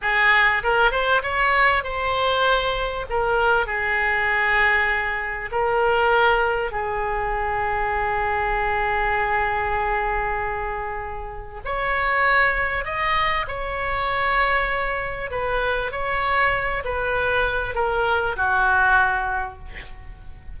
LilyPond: \new Staff \with { instrumentName = "oboe" } { \time 4/4 \tempo 4 = 98 gis'4 ais'8 c''8 cis''4 c''4~ | c''4 ais'4 gis'2~ | gis'4 ais'2 gis'4~ | gis'1~ |
gis'2. cis''4~ | cis''4 dis''4 cis''2~ | cis''4 b'4 cis''4. b'8~ | b'4 ais'4 fis'2 | }